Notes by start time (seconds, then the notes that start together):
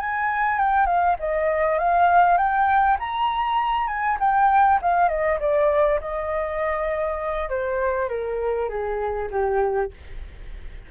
0.00 G#5
0.59 G5
0.87 F5
1.20 D#5
1.79 F5
2.38 G5
3.00 A#5
3.88 G#5
4.20 G5
4.82 F5
5.09 D#5
5.40 D5
6.01 D#5
7.50 C5
8.09 A#4
8.69 G#4
9.31 G4